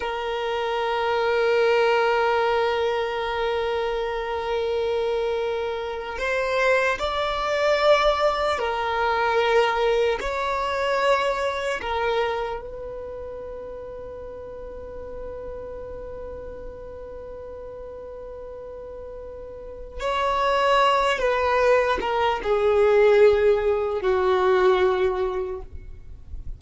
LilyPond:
\new Staff \with { instrumentName = "violin" } { \time 4/4 \tempo 4 = 75 ais'1~ | ais'2.~ ais'8. c''16~ | c''8. d''2 ais'4~ ais'16~ | ais'8. cis''2 ais'4 b'16~ |
b'1~ | b'1~ | b'4 cis''4. b'4 ais'8 | gis'2 fis'2 | }